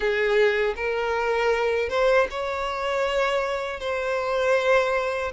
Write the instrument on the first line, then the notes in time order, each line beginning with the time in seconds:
violin
0.00 G#4
0.76 A#4
1.89 C5
2.30 C#5
3.80 C5